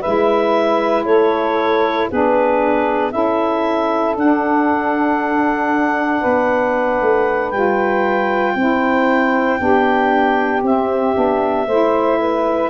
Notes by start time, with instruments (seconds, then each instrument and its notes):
0.00 tuba G#3, saxophone E4 B4, clarinet E5
1.05 tuba A3, saxophone A4, clarinet C#5
2.08 tuba B3, saxophone D4 G#4, clarinet B4
3.11 tuba C#4, saxophone E4 A4, clarinet E5
4.16 tuba D4, saxophone D4, clarinet F#5
6.20 tuba B3, saxophone B4
7.01 tuba A3
7.50 tuba G3, saxophone F4, clarinet G5
8.55 tuba C4, saxophone E4 C5
9.59 tuba B3, saxophone D4 G4
10.62 tuba C4, saxophone C4, clarinet E5
11.14 tuba B3, saxophone D4
11.67 tuba A3, saxophone E4 C5
12.19 saxophone B4